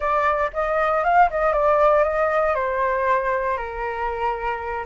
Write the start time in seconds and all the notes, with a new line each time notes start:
0.00 D5
0.53 D#5
1.04 F5
1.30 D#5
1.52 D5
2.03 D#5
2.54 C5
3.57 A#4